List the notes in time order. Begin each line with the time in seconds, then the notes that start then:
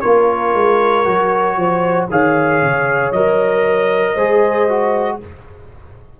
0.00 A#3 F4 A#4 C#5
0.53 G#3
1.04 F#3 F#4
1.56 F3 C5
2.10 D#3 G#4 C#5 F5
2.62 C#3
3.12 F#3 A#4 D#5
4.14 G#3 G#4 C5
4.68 F#4